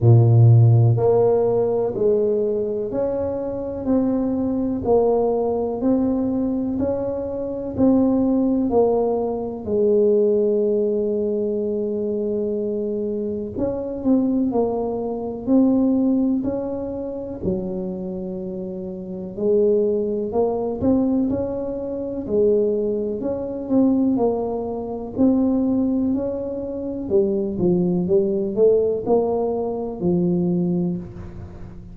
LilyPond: \new Staff \with { instrumentName = "tuba" } { \time 4/4 \tempo 4 = 62 ais,4 ais4 gis4 cis'4 | c'4 ais4 c'4 cis'4 | c'4 ais4 gis2~ | gis2 cis'8 c'8 ais4 |
c'4 cis'4 fis2 | gis4 ais8 c'8 cis'4 gis4 | cis'8 c'8 ais4 c'4 cis'4 | g8 f8 g8 a8 ais4 f4 | }